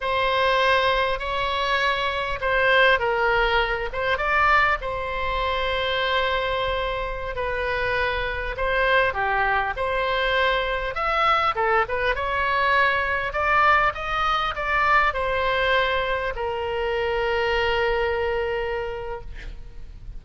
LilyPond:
\new Staff \with { instrumentName = "oboe" } { \time 4/4 \tempo 4 = 100 c''2 cis''2 | c''4 ais'4. c''8 d''4 | c''1~ | c''16 b'2 c''4 g'8.~ |
g'16 c''2 e''4 a'8 b'16~ | b'16 cis''2 d''4 dis''8.~ | dis''16 d''4 c''2 ais'8.~ | ais'1 | }